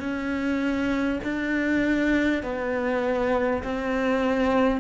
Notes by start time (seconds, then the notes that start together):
0.00 C#4
1.24 D4
2.43 B3
3.64 C4